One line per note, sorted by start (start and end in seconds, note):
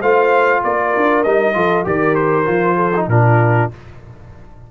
0.00 0.63 A3
0.00 1.26 F4
0.00 0.61 C5
0.00 0.63 F5
0.64 0.95 A#3
0.64 1.56 A#4
0.64 1.24 D5
0.97 1.26 D4
1.24 1.55 G3
1.24 1.54 D#4
1.24 1.85 D#5
1.54 1.86 F3
1.54 1.85 F4
1.54 1.86 A4
1.85 2.48 D#3
1.85 2.46 G4
1.85 2.76 A#4
1.85 2.15 D5
2.15 3.07 C5
2.46 3.08 F3
2.46 2.92 F4
2.76 3.07 A4
2.96 3.10 D#4
3.08 3.69 A#2
3.08 3.72 D4
3.08 3.72 F4
3.08 3.71 A#4